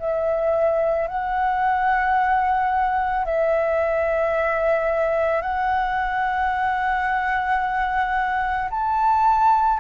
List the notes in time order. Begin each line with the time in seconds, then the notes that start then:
0.00 E5
1.08 F#5
3.26 E5
5.42 F#5
8.71 A5